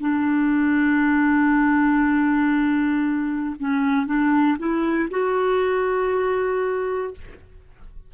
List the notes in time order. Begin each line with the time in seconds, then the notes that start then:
0.00 D4
3.60 C#4
4.07 D4
4.59 E4
5.11 F#4